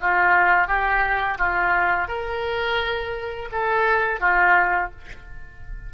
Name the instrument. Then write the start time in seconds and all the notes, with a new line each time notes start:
oboe
0.00 F4
0.67 G4
1.38 F4
2.07 A#4
3.52 A4
4.20 F4